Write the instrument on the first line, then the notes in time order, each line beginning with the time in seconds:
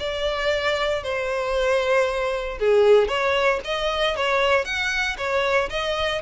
violin
0.00 D5
1.04 C5
2.60 G#4
3.08 C#5
3.65 D#5
4.17 C#5
4.65 F#5
5.18 C#5
5.70 D#5